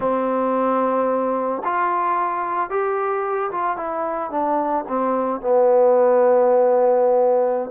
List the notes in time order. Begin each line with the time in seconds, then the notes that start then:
0.00 C4
1.64 F4
2.70 G4
3.51 F4
3.76 E4
4.30 D4
4.88 C4
5.40 B3